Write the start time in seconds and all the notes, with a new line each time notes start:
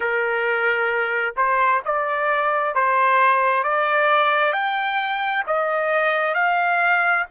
0.00 A#4
1.36 C5
1.85 D5
2.74 C5
3.63 D5
4.52 G5
5.46 D#5
6.34 F5